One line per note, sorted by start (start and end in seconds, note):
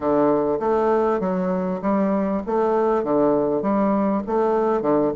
0.00 0.58 D3
0.59 1.20 A3
1.20 1.80 F#3
1.81 2.42 G3
2.46 3.03 A3
3.03 3.61 D3
3.61 4.22 G3
4.26 4.81 A3
4.81 5.12 D3